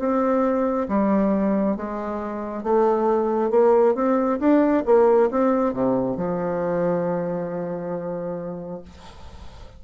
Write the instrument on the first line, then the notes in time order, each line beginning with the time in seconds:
bassoon
0.00 C4
0.89 G3
1.76 G#3
2.64 A3
3.51 A#3
3.95 C4
4.40 D4
4.86 A#3
5.31 C4
5.74 C3
6.17 F3